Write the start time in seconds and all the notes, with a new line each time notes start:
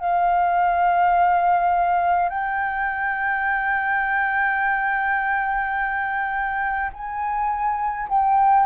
0.00 F5
2.29 G5
6.93 G#5
8.09 G5